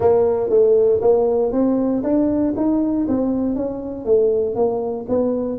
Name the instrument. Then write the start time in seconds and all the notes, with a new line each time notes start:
tuba
0.00 A#3
0.49 A3
1.01 A#3
1.52 C4
2.03 D4
2.56 D#4
3.08 C4
3.55 C#4
4.05 A3
4.55 A#3
5.08 B3